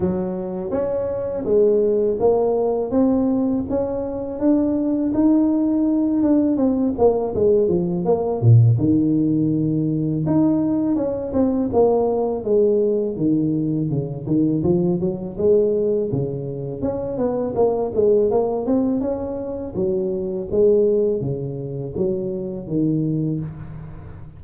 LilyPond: \new Staff \with { instrumentName = "tuba" } { \time 4/4 \tempo 4 = 82 fis4 cis'4 gis4 ais4 | c'4 cis'4 d'4 dis'4~ | dis'8 d'8 c'8 ais8 gis8 f8 ais8 ais,8 | dis2 dis'4 cis'8 c'8 |
ais4 gis4 dis4 cis8 dis8 | f8 fis8 gis4 cis4 cis'8 b8 | ais8 gis8 ais8 c'8 cis'4 fis4 | gis4 cis4 fis4 dis4 | }